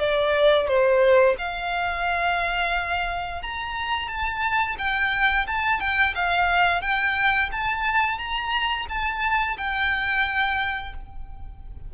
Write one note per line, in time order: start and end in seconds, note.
0.00 0.68 D5
0.68 1.36 C5
1.39 3.42 F5
3.42 4.08 A#5
4.08 4.77 A5
4.78 5.46 G5
5.47 5.80 A5
5.80 6.15 G5
6.15 6.82 F5
6.82 7.50 G5
7.52 8.18 A5
8.18 8.87 A#5
8.89 9.57 A5
9.58 10.94 G5